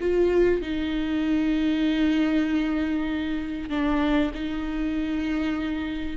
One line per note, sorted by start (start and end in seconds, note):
0.00 0.61 F4
0.61 3.69 D#4
3.69 4.31 D4
4.34 6.16 D#4